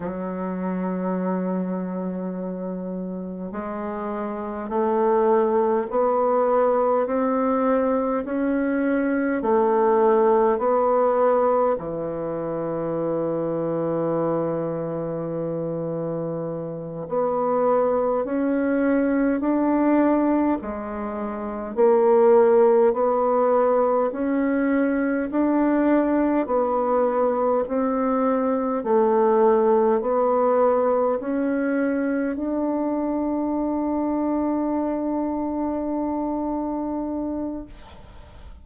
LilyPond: \new Staff \with { instrumentName = "bassoon" } { \time 4/4 \tempo 4 = 51 fis2. gis4 | a4 b4 c'4 cis'4 | a4 b4 e2~ | e2~ e8 b4 cis'8~ |
cis'8 d'4 gis4 ais4 b8~ | b8 cis'4 d'4 b4 c'8~ | c'8 a4 b4 cis'4 d'8~ | d'1 | }